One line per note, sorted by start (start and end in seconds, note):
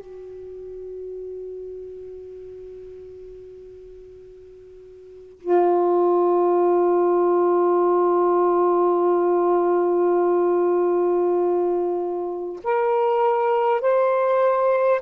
0.00 5.40 F#4
5.41 12.61 F4
12.64 13.82 A#4
13.82 15.02 C5